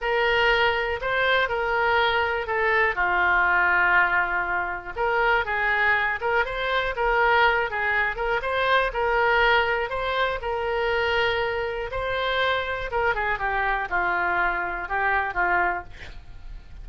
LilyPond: \new Staff \with { instrumentName = "oboe" } { \time 4/4 \tempo 4 = 121 ais'2 c''4 ais'4~ | ais'4 a'4 f'2~ | f'2 ais'4 gis'4~ | gis'8 ais'8 c''4 ais'4. gis'8~ |
gis'8 ais'8 c''4 ais'2 | c''4 ais'2. | c''2 ais'8 gis'8 g'4 | f'2 g'4 f'4 | }